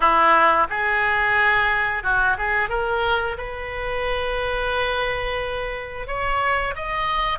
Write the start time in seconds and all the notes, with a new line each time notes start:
0.00 E4
0.69 G#4
2.03 F#4
2.38 G#4
2.69 A#4
3.37 B4
6.07 C#5
6.75 D#5